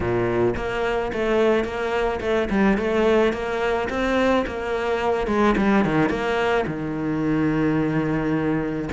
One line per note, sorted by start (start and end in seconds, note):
0.00 0.54 A#2
0.56 1.11 A#3
1.12 1.64 A3
1.64 2.20 A#3
2.20 2.48 A3
2.50 2.77 G3
2.77 3.32 A3
3.32 3.88 A#3
3.89 4.45 C4
4.46 5.27 A#3
5.27 5.55 G#3
5.57 5.85 G3
5.85 6.09 D#3
6.09 6.65 A#3
6.67 8.89 D#3